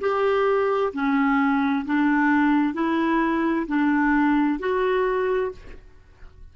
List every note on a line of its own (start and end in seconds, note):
0.00 0.92 G4
0.93 1.85 C#4
1.85 2.74 D4
2.74 3.66 E4
3.67 4.59 D4
4.59 5.51 F#4